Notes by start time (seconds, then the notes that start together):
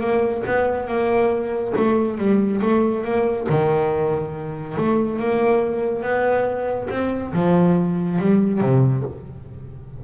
0.00 A#3
0.47 B3
0.88 A#3
1.77 A3
2.18 G3
2.62 A3
3.04 A#3
3.49 D#3
4.77 A3
5.19 A#3
6.03 B3
6.90 C4
7.33 F3
8.19 G3
8.61 C3